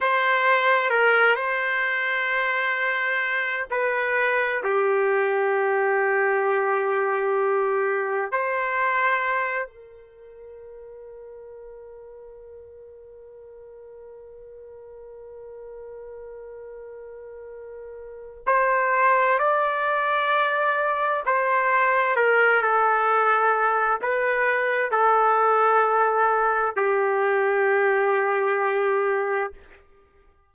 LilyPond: \new Staff \with { instrumentName = "trumpet" } { \time 4/4 \tempo 4 = 65 c''4 ais'8 c''2~ c''8 | b'4 g'2.~ | g'4 c''4. ais'4.~ | ais'1~ |
ais'1 | c''4 d''2 c''4 | ais'8 a'4. b'4 a'4~ | a'4 g'2. | }